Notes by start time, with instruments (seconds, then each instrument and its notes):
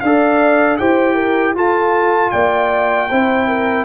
0.00 tuba D4, trombone A4, horn D5, trumpet F5
0.78 tuba E4, trombone G4, horn C5, trumpet G5
1.15 horn A#4
1.55 tuba F4, trombone F4, horn A4, trumpet A5
2.31 tuba A#3, horn D5, trumpet G5
3.10 tuba C4, trombone E4, horn C5
3.48 horn A#4